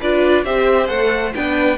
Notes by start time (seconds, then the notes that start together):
0.00 D4 F4 B4 D5
0.45 C4 G4 C5 E5
0.88 A3 A4 F#5
1.36 B3 D4 B4 G5